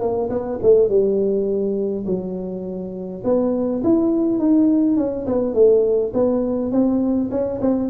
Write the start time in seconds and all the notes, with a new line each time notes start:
0.00 A#3
0.29 B3
0.62 A3
0.89 G3
2.06 F#3
3.24 B3
3.83 E4
4.39 D#4
4.96 C#4
5.26 B3
5.54 A3
6.14 B3
6.71 C4
7.31 C#4
7.61 C4